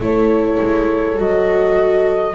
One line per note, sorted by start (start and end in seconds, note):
0.00 0.59 A3
0.00 1.16 E4
0.00 2.36 A4
0.00 1.20 C#5
0.60 1.19 G#3
1.16 2.36 F#3
1.16 2.34 F#4
1.16 2.36 D#5